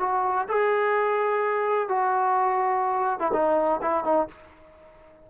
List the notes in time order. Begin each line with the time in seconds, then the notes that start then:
0.00 F#4
0.48 G#4
1.89 F#4
3.20 E4
3.33 D#4
3.82 E4
4.04 D#4